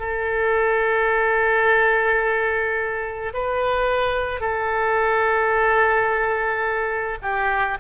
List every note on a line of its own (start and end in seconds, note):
0.00 3.33 A4
3.34 4.41 B4
4.41 7.19 A4
7.23 7.78 G4